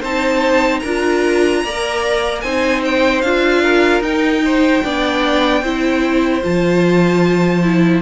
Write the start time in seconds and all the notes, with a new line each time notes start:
0.00 C4 D#4 C5 A5
0.79 D4 A#4 A#5
0.86 F4
1.63 A#3 A#4 D5
2.41 C4 D#4 C5 G#5
2.84 G5
3.21 D4 F4 F5
3.62 A#4
4.00 D#4 G5
4.44 C5
4.83 B3 D4 D5
5.62 C4 E4 C5
6.41 F3 F4 A5
7.63 E4